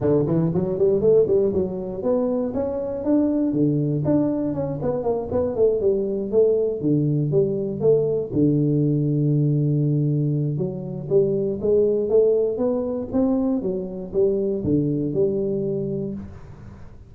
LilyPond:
\new Staff \with { instrumentName = "tuba" } { \time 4/4 \tempo 4 = 119 d8 e8 fis8 g8 a8 g8 fis4 | b4 cis'4 d'4 d4 | d'4 cis'8 b8 ais8 b8 a8 g8~ | g8 a4 d4 g4 a8~ |
a8 d2.~ d8~ | d4 fis4 g4 gis4 | a4 b4 c'4 fis4 | g4 d4 g2 | }